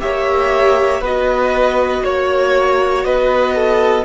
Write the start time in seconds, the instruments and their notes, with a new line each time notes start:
0.00 cello A#3, viola G4, violin C#5 E5
1.01 cello B3, viola F#4, violin B4 D#5
2.04 cello A#3, violin C#5
3.04 cello B3, violin B4 D#5
3.55 violin A4